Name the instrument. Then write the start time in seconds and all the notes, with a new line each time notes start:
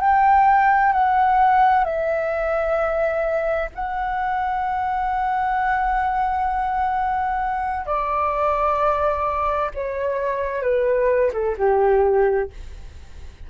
flute
0.00 G5
0.92 F#5
1.84 E5
3.75 F#5
7.85 D5
9.74 C#5
10.62 B4
11.32 A4
11.57 G4